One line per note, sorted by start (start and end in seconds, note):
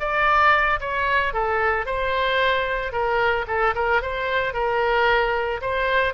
0.00 0.80 D5
0.81 1.34 C#5
1.34 1.86 A4
1.86 2.92 C5
2.92 3.46 A#4
3.48 3.75 A4
3.76 4.02 A#4
4.02 4.54 C5
4.54 5.61 A#4
5.62 6.14 C5